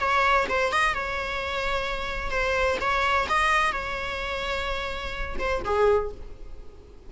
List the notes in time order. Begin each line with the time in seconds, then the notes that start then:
0.00 C#5
0.49 C5
0.73 D#5
0.95 C#5
2.31 C5
2.81 C#5
3.29 D#5
3.72 C#5
5.39 C5
5.65 G#4